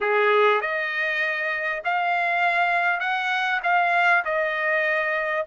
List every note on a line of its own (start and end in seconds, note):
0.00 0.61 G#4
0.61 1.82 D#5
1.84 2.99 F5
2.99 3.60 F#5
3.63 4.23 F5
4.24 5.45 D#5